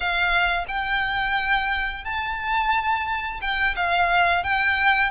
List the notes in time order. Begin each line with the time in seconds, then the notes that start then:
0.00 F5
0.68 G5
2.04 A5
3.41 G5
3.76 F5
4.43 G5